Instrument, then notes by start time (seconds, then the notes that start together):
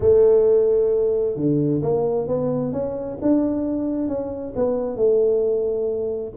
tuba
0.00 A3
1.36 D3
1.82 A#3
2.27 B3
2.72 C#4
3.21 D4
4.08 C#4
4.55 B3
4.96 A3